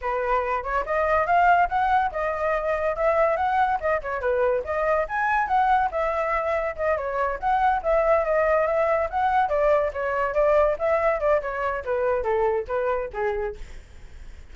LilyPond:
\new Staff \with { instrumentName = "flute" } { \time 4/4 \tempo 4 = 142 b'4. cis''8 dis''4 f''4 | fis''4 dis''2 e''4 | fis''4 dis''8 cis''8 b'4 dis''4 | gis''4 fis''4 e''2 |
dis''8 cis''4 fis''4 e''4 dis''8~ | dis''8 e''4 fis''4 d''4 cis''8~ | cis''8 d''4 e''4 d''8 cis''4 | b'4 a'4 b'4 gis'4 | }